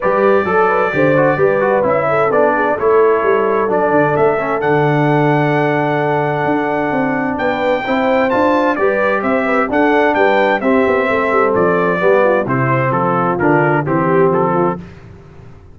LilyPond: <<
  \new Staff \with { instrumentName = "trumpet" } { \time 4/4 \tempo 4 = 130 d''1 | e''4 d''4 cis''2 | d''4 e''4 fis''2~ | fis''1 |
g''2 a''4 d''4 | e''4 fis''4 g''4 e''4~ | e''4 d''2 c''4 | a'4 ais'4 g'4 a'4 | }
  \new Staff \with { instrumentName = "horn" } { \time 4/4 b'4 a'8 b'8 c''4 b'4~ | b'8 a'4 gis'8 a'2~ | a'1~ | a'1 |
b'4 c''2 b'4 | c''8 b'8 a'4 b'4 g'4 | a'2 g'8 f'8 e'4 | f'2 g'4. f'8 | }
  \new Staff \with { instrumentName = "trombone" } { \time 4/4 g'4 a'4 g'8 fis'8 g'8 fis'8 | e'4 d'4 e'2 | d'4. cis'8 d'2~ | d'1~ |
d'4 e'4 f'4 g'4~ | g'4 d'2 c'4~ | c'2 b4 c'4~ | c'4 d'4 c'2 | }
  \new Staff \with { instrumentName = "tuba" } { \time 4/4 g4 fis4 d4 g4 | cis'4 b4 a4 g4 | fis8 d8 a4 d2~ | d2 d'4 c'4 |
b4 c'4 d'4 g4 | c'4 d'4 g4 c'8 b8 | a8 g8 f4 g4 c4 | f4 d4 e4 f4 | }
>>